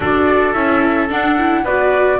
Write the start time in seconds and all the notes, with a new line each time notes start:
0.00 D4 F#4 A4 D5
0.53 C#4 E4 E5
1.09 D4 F#5
1.37 E4
1.64 B3 F#4 B4 D5